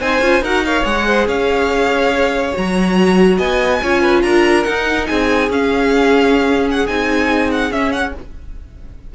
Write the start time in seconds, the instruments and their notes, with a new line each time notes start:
0.00 cello C4, viola D#4, violin C5 G#5
0.20 cello C#4, viola F4
0.41 cello D#4, viola F#4, violin A#4 F#5
0.65 viola A#4, violin C#5 F5
0.83 cello G#3, viola G#4, violin F#5
1.06 violin C5
1.27 cello C#4, violin C#5 F5
2.52 cello F#3, viola F#4, violin A#5
3.37 cello B3, violin D#5 G#5
3.82 cello C#4, viola F4, violin C#5
4.01 violin B4
4.21 cello D4, violin A#4 A#5
4.63 viola D#4, cello D#4, violin F#5
5.07 cello C4, violin G#4 G#5
5.49 cello C#4, viola C#4, violin F5
6.71 violin F#5
6.86 cello C4, viola D#4, violin G#5
7.51 violin F#5
7.71 cello C#4, viola C#4, violin E5
7.91 violin F#5